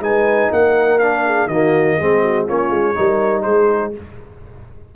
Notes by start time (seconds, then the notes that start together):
0.00 G#3 D#4 B4 G#5
0.51 A#3 A#4 F#5
0.99 D4 F5
1.26 G#4
1.47 D#3 A#3 F#4 D#5
1.97 G#3 C4 G#4
2.22 F#4
2.45 A#3 C#4 F4 C#5
2.70 G#3
2.95 G3 D#4 A#4
3.42 G#3 G#4 C5